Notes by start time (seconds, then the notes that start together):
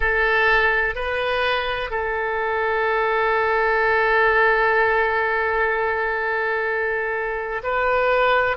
0.00 A4
0.95 B4
1.90 A4
7.63 B4